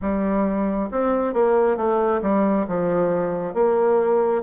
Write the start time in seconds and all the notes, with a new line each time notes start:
0.01 G3
0.91 C4
1.33 A#3
1.76 A3
2.22 G3
2.67 F3
3.54 A#3